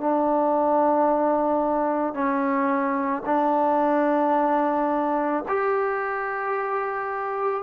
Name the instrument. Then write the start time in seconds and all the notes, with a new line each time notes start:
trombone
0.00 D4
2.14 C#4
3.26 D4
5.48 G4